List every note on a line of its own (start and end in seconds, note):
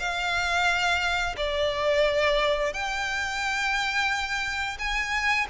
0.00 1.36 F5
1.37 2.74 D5
2.74 4.78 G5
4.79 5.48 G#5